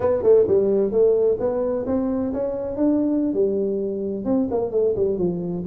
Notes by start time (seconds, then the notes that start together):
0.00 B3
0.23 A3
0.47 G3
0.91 A3
1.39 B3
1.86 C4
2.33 C#4
2.76 D4
3.33 G3
4.25 C4
4.50 A#3
4.71 A3
4.96 G3
5.18 F3